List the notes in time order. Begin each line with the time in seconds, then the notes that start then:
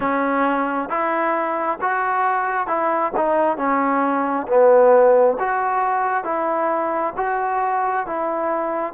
0.00 C#4
0.89 E4
1.81 F#4
2.67 E4
3.16 D#4
3.57 C#4
4.47 B3
5.39 F#4
6.24 E4
7.16 F#4
8.06 E4